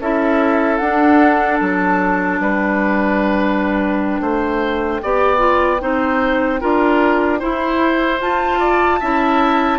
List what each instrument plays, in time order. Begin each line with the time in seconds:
0.00 bassoon C#4, clarinet E4, oboe A4, flute E5
0.78 bassoon D4, clarinet D4, flute F#5
1.61 bassoon F#3, flute A5
2.40 bassoon G3, oboe B4, flute G5
4.21 bassoon A3, oboe C5
5.03 bassoon B3, clarinet G4, oboe D5
5.38 clarinet F4
5.81 bassoon C4, clarinet D#4, oboe C5
6.61 bassoon D4, clarinet F4, oboe A#4
7.40 clarinet E4, bassoon E4, oboe C5
8.21 clarinet F4, bassoon F4, flute A5
8.60 oboe D5
9.00 bassoon C#4, clarinet E4, oboe E5